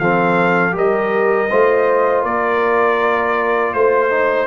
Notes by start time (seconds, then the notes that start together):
0.00 F3 C4 A4 F5
0.72 G3 G4 A#4 D#5
1.50 A3 F4 C5
2.23 A#3 A#4 D5
3.74 A3 C5
4.10 D#4